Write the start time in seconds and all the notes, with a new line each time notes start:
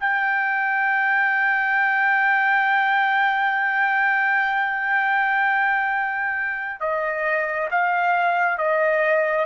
0.00 G5
6.80 D#5
7.71 F5
8.58 D#5